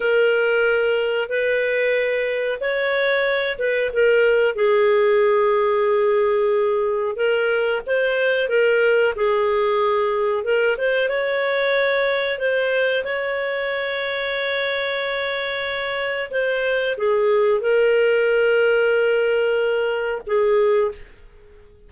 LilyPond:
\new Staff \with { instrumentName = "clarinet" } { \time 4/4 \tempo 4 = 92 ais'2 b'2 | cis''4. b'8 ais'4 gis'4~ | gis'2. ais'4 | c''4 ais'4 gis'2 |
ais'8 c''8 cis''2 c''4 | cis''1~ | cis''4 c''4 gis'4 ais'4~ | ais'2. gis'4 | }